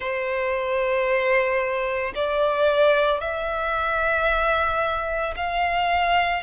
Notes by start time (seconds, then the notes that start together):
0.00 C5
2.15 D5
3.20 E5
5.36 F5